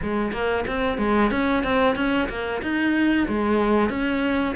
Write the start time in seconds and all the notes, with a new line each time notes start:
0.02 G#3
0.32 A#3
0.67 C4
0.98 G#3
1.30 C#4
1.63 C4
1.95 C#4
2.29 A#3
2.62 D#4
3.28 G#3
3.89 C#4